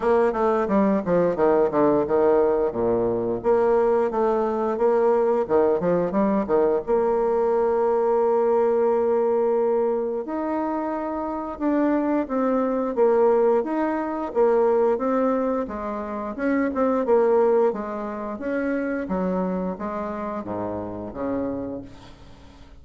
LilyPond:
\new Staff \with { instrumentName = "bassoon" } { \time 4/4 \tempo 4 = 88 ais8 a8 g8 f8 dis8 d8 dis4 | ais,4 ais4 a4 ais4 | dis8 f8 g8 dis8 ais2~ | ais2. dis'4~ |
dis'4 d'4 c'4 ais4 | dis'4 ais4 c'4 gis4 | cis'8 c'8 ais4 gis4 cis'4 | fis4 gis4 gis,4 cis4 | }